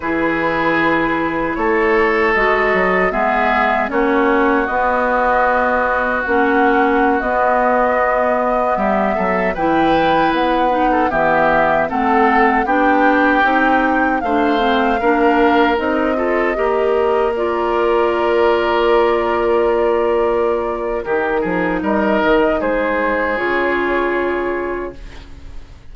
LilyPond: <<
  \new Staff \with { instrumentName = "flute" } { \time 4/4 \tempo 4 = 77 b'2 cis''4 dis''4 | e''4 cis''4 dis''2 | fis''4~ fis''16 dis''2 e''8.~ | e''16 g''4 fis''4 e''4 fis''8.~ |
fis''16 g''2 f''4.~ f''16~ | f''16 dis''2 d''4.~ d''16~ | d''2. ais'4 | dis''4 c''4 cis''2 | }
  \new Staff \with { instrumentName = "oboe" } { \time 4/4 gis'2 a'2 | gis'4 fis'2.~ | fis'2.~ fis'16 g'8 a'16~ | a'16 b'4.~ b'16 a'16 g'4 a'8.~ |
a'16 g'2 c''4 ais'8.~ | ais'8. a'8 ais'2~ ais'8.~ | ais'2. g'8 gis'8 | ais'4 gis'2. | }
  \new Staff \with { instrumentName = "clarinet" } { \time 4/4 e'2. fis'4 | b4 cis'4 b2 | cis'4~ cis'16 b2~ b8.~ | b16 e'4. dis'8 b4 c'8.~ |
c'16 d'4 dis'4 d'8 c'8 d'8.~ | d'16 dis'8 f'8 g'4 f'4.~ f'16~ | f'2. dis'4~ | dis'2 f'2 | }
  \new Staff \with { instrumentName = "bassoon" } { \time 4/4 e2 a4 gis8 fis8 | gis4 ais4 b2 | ais4~ ais16 b2 g8 fis16~ | fis16 e4 b4 e4 a8.~ |
a16 b4 c'4 a4 ais8.~ | ais16 c'4 ais2~ ais8.~ | ais2. dis8 f8 | g8 dis8 gis4 cis2 | }
>>